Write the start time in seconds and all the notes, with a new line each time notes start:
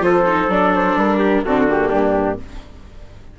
0.00 F3 F4 A4 C5
0.26 D#4
0.48 F#3 D4 D5
0.74 C5
0.96 G3 A#4
1.18 G4
1.44 D3 C4 F#4 A4
1.68 A#3 G4
1.89 G2 D4